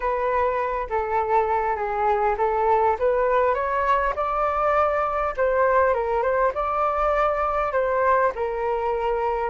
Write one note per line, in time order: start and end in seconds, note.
0.00 0.87 B4
0.89 1.76 A4
1.76 2.35 G#4
2.37 2.97 A4
2.99 3.54 B4
3.54 4.13 C#5
4.15 5.34 D5
5.37 5.94 C5
5.94 6.22 A#4
6.22 6.52 C5
6.54 7.72 D5
7.72 8.31 C5
8.35 9.49 A#4